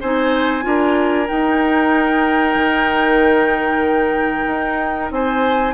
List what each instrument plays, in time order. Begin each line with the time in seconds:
0.00 bassoon C4, clarinet D#4, oboe C5, flute G#5
0.61 bassoon D4, clarinet F4, oboe A#4
1.28 clarinet D#4, bassoon D#4, flute G5
2.54 bassoon D#3
4.46 bassoon D#4
5.10 bassoon C4, oboe C5, flute G#5